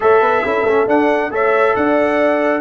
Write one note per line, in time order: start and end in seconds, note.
0.00 0.21 A3
0.00 0.44 A4
0.00 0.21 C#5
0.00 0.88 E5
0.21 0.43 B3
0.21 0.43 B4
0.44 0.63 C#4
0.44 0.65 E4
0.44 1.32 A4
0.63 0.85 A3
0.63 0.87 C#4
0.87 1.30 D4
0.87 1.31 D4
0.87 1.32 F#5
1.30 1.74 A3
1.30 2.60 A4
1.30 1.76 C#5
1.30 1.75 E5
1.75 2.60 D4
1.75 2.60 D5
1.75 2.60 F#5